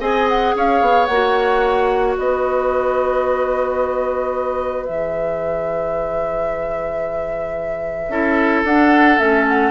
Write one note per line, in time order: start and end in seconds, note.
0.00 0.54 C4
0.00 1.08 G#4
0.00 0.54 D#5
0.00 0.28 G#5
0.28 0.55 F#5
0.55 0.81 C#4
0.55 2.17 C#5
0.55 1.06 F5
0.81 1.08 B3
1.06 2.17 A#3
1.06 4.87 F#4
1.06 2.14 F#5
2.17 4.88 B3
2.17 8.10 B4
2.17 4.85 D#5
4.85 8.09 E3
4.85 8.11 G#4
4.85 8.63 E5
8.09 8.63 C#4
8.09 8.65 E4
8.09 9.71 A4
8.63 9.17 D4
8.63 9.18 D4
8.63 9.18 F#5
9.18 9.71 A3
9.18 9.71 C#4
9.18 9.45 E5
9.48 9.71 F#5